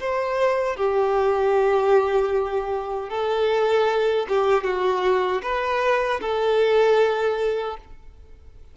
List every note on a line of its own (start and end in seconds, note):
0.00 0.76 C5
0.76 3.10 G4
3.10 4.26 A4
4.29 4.64 G4
4.64 5.42 F#4
5.43 6.21 B4
6.21 7.77 A4